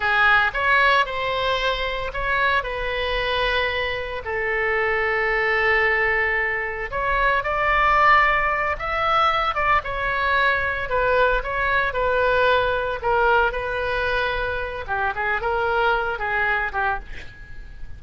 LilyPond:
\new Staff \with { instrumentName = "oboe" } { \time 4/4 \tempo 4 = 113 gis'4 cis''4 c''2 | cis''4 b'2. | a'1~ | a'4 cis''4 d''2~ |
d''8 e''4. d''8 cis''4.~ | cis''8 b'4 cis''4 b'4.~ | b'8 ais'4 b'2~ b'8 | g'8 gis'8 ais'4. gis'4 g'8 | }